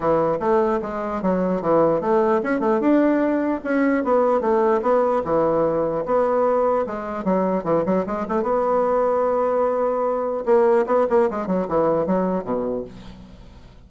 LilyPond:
\new Staff \with { instrumentName = "bassoon" } { \time 4/4 \tempo 4 = 149 e4 a4 gis4 fis4 | e4 a4 cis'8 a8 d'4~ | d'4 cis'4 b4 a4 | b4 e2 b4~ |
b4 gis4 fis4 e8 fis8 | gis8 a8 b2.~ | b2 ais4 b8 ais8 | gis8 fis8 e4 fis4 b,4 | }